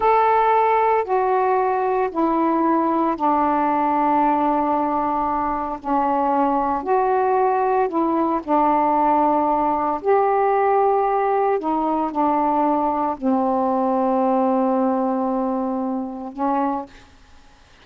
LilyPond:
\new Staff \with { instrumentName = "saxophone" } { \time 4/4 \tempo 4 = 114 a'2 fis'2 | e'2 d'2~ | d'2. cis'4~ | cis'4 fis'2 e'4 |
d'2. g'4~ | g'2 dis'4 d'4~ | d'4 c'2.~ | c'2. cis'4 | }